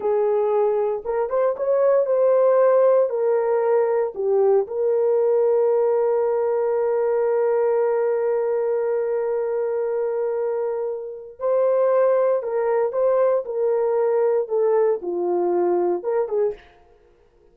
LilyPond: \new Staff \with { instrumentName = "horn" } { \time 4/4 \tempo 4 = 116 gis'2 ais'8 c''8 cis''4 | c''2 ais'2 | g'4 ais'2.~ | ais'1~ |
ais'1~ | ais'2 c''2 | ais'4 c''4 ais'2 | a'4 f'2 ais'8 gis'8 | }